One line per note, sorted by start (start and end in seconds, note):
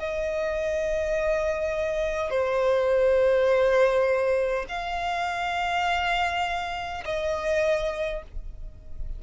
0.00 2.30 D#5
2.30 4.66 C5
4.69 7.04 F5
7.05 8.23 D#5